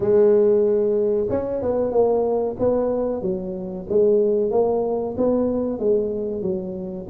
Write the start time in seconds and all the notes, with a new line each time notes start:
0.00 G#3
1.29 C#4
1.62 B3
1.91 A#3
2.59 B3
3.22 F#3
3.89 G#3
4.50 A#3
5.17 B3
5.79 G#3
6.42 F#3